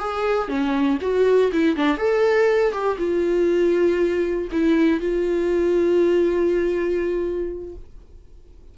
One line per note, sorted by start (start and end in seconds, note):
0.00 0.49 G#4
0.49 0.99 C#4
1.02 1.52 F#4
1.53 1.77 E4
1.77 1.98 D4
1.98 2.73 A4
2.73 2.98 G4
2.99 4.49 F4
4.52 5.01 E4
5.01 7.76 F4